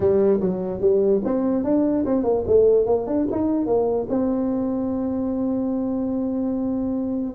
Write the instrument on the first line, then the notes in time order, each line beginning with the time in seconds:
tuba
0.00 G3
0.40 F#3
0.80 G3
1.24 C4
1.63 D4
2.05 C4
2.23 A#3
2.47 A3
2.86 A#3
3.06 D4
3.31 D#4
3.66 A#3
4.09 C4